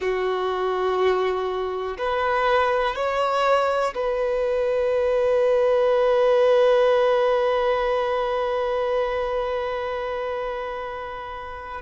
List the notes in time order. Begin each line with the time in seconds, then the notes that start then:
0.00 F#4
1.98 B4
2.95 C#5
3.94 B4